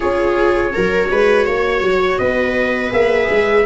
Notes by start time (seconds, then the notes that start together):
0.00 C#4 F4 G#4 C#5
0.73 F#3 F#4 A#4
1.11 G#3 B4
1.45 A#3 C#5
1.81 F#3
2.17 B3 B4 D#5
2.90 A#3 G#4 E5
3.29 G#3